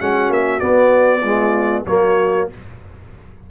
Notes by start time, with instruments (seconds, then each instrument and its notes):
0.00 tuba G#3, trombone C#4, horn F#4, trumpet F#5
0.29 tuba A#3, trumpet E5
0.60 trombone B3, tuba B3, trumpet D5
1.21 trombone G#3, horn F4
1.86 tuba F#3, trombone A#3, horn F#4, trumpet C#5